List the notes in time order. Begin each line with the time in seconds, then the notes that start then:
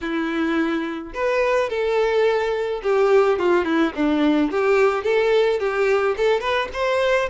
0.01 E4
1.14 B4
1.69 A4
2.82 G4
3.38 F4
3.64 E4
3.95 D4
4.51 G4
5.03 A4
5.59 G4
6.17 A4
6.40 B4
6.73 C5